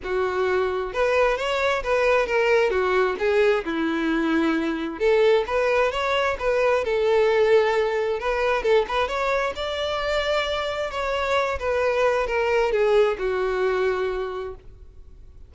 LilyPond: \new Staff \with { instrumentName = "violin" } { \time 4/4 \tempo 4 = 132 fis'2 b'4 cis''4 | b'4 ais'4 fis'4 gis'4 | e'2. a'4 | b'4 cis''4 b'4 a'4~ |
a'2 b'4 a'8 b'8 | cis''4 d''2. | cis''4. b'4. ais'4 | gis'4 fis'2. | }